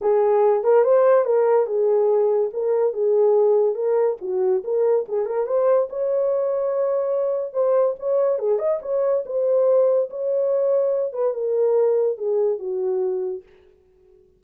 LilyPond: \new Staff \with { instrumentName = "horn" } { \time 4/4 \tempo 4 = 143 gis'4. ais'8 c''4 ais'4 | gis'2 ais'4 gis'4~ | gis'4 ais'4 fis'4 ais'4 | gis'8 ais'8 c''4 cis''2~ |
cis''2 c''4 cis''4 | gis'8 dis''8 cis''4 c''2 | cis''2~ cis''8 b'8 ais'4~ | ais'4 gis'4 fis'2 | }